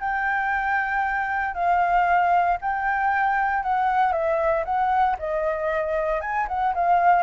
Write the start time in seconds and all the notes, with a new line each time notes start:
0.00 G5
1.54 F5
2.61 G5
3.63 F#5
4.12 E5
4.65 F#5
5.19 D#5
6.21 G#5
6.48 F#5
6.74 F5